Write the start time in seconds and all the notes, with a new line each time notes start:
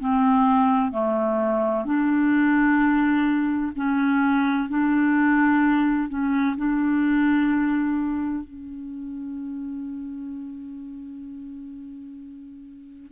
0.00 C4
0.91 A3
1.85 D4
3.76 C#4
4.69 D4
6.09 C#4
6.57 D4
8.44 C#4